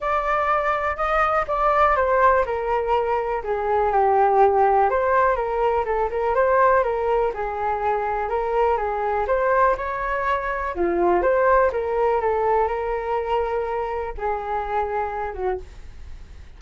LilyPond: \new Staff \with { instrumentName = "flute" } { \time 4/4 \tempo 4 = 123 d''2 dis''4 d''4 | c''4 ais'2 gis'4 | g'2 c''4 ais'4 | a'8 ais'8 c''4 ais'4 gis'4~ |
gis'4 ais'4 gis'4 c''4 | cis''2 f'4 c''4 | ais'4 a'4 ais'2~ | ais'4 gis'2~ gis'8 fis'8 | }